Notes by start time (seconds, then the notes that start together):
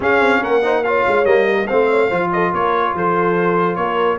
0.00 C#4 G#4 F5
0.19 C4
0.41 A#3 A#4 F#5
0.62 D#4 C5
0.84 F4 C#5 F5
1.07 G#3
1.25 G3 A#3 D#5
1.51 A#4
1.66 A3 C4 C5 F5
1.89 C#5
2.08 F3 F4 C5
2.32 A4 D#5
2.52 A#3 A#4 C#5
2.94 F3 A4 C5
3.75 A#3 A#4 C#5